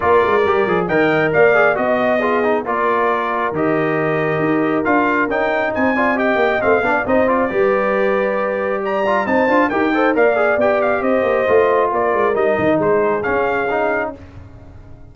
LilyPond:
<<
  \new Staff \with { instrumentName = "trumpet" } { \time 4/4 \tempo 4 = 136 d''2 g''4 f''4 | dis''2 d''2 | dis''2. f''4 | g''4 gis''4 g''4 f''4 |
dis''8 d''2.~ d''8 | ais''4 a''4 g''4 f''4 | g''8 f''8 dis''2 d''4 | dis''4 c''4 f''2 | }
  \new Staff \with { instrumentName = "horn" } { \time 4/4 ais'2 dis''4 d''4 | dis''4 gis'4 ais'2~ | ais'1~ | ais'4 c''8 d''8 dis''4. d''8 |
c''4 b'2. | d''4 c''4 ais'8 c''8 d''4~ | d''4 c''2 ais'4~ | ais'4 gis'2. | }
  \new Staff \with { instrumentName = "trombone" } { \time 4/4 f'4 g'8 gis'8 ais'4. gis'8 | fis'4 f'8 dis'8 f'2 | g'2. f'4 | dis'4. f'8 g'4 c'8 d'8 |
dis'8 f'8 g'2.~ | g'8 f'8 dis'8 f'8 g'8 a'8 ais'8 gis'8 | g'2 f'2 | dis'2 cis'4 dis'4 | }
  \new Staff \with { instrumentName = "tuba" } { \time 4/4 ais8 gis8 g8 f8 dis4 ais4 | b2 ais2 | dis2 dis'4 d'4 | cis'4 c'4. ais8 a8 b8 |
c'4 g2.~ | g4 c'8 d'8 dis'4 ais4 | b4 c'8 ais8 a4 ais8 gis8 | g8 dis8 gis4 cis'2 | }
>>